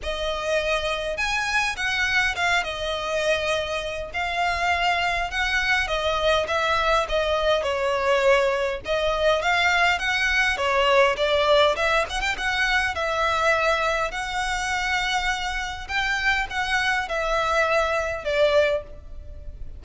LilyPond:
\new Staff \with { instrumentName = "violin" } { \time 4/4 \tempo 4 = 102 dis''2 gis''4 fis''4 | f''8 dis''2~ dis''8 f''4~ | f''4 fis''4 dis''4 e''4 | dis''4 cis''2 dis''4 |
f''4 fis''4 cis''4 d''4 | e''8 fis''16 g''16 fis''4 e''2 | fis''2. g''4 | fis''4 e''2 d''4 | }